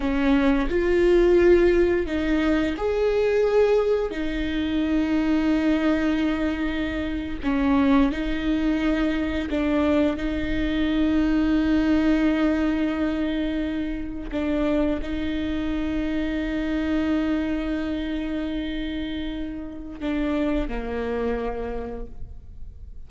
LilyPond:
\new Staff \with { instrumentName = "viola" } { \time 4/4 \tempo 4 = 87 cis'4 f'2 dis'4 | gis'2 dis'2~ | dis'2~ dis'8. cis'4 dis'16~ | dis'4.~ dis'16 d'4 dis'4~ dis'16~ |
dis'1~ | dis'8. d'4 dis'2~ dis'16~ | dis'1~ | dis'4 d'4 ais2 | }